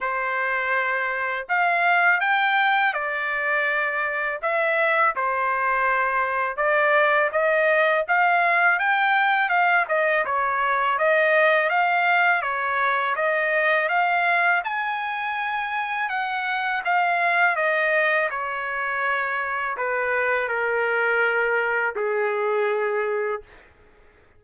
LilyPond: \new Staff \with { instrumentName = "trumpet" } { \time 4/4 \tempo 4 = 82 c''2 f''4 g''4 | d''2 e''4 c''4~ | c''4 d''4 dis''4 f''4 | g''4 f''8 dis''8 cis''4 dis''4 |
f''4 cis''4 dis''4 f''4 | gis''2 fis''4 f''4 | dis''4 cis''2 b'4 | ais'2 gis'2 | }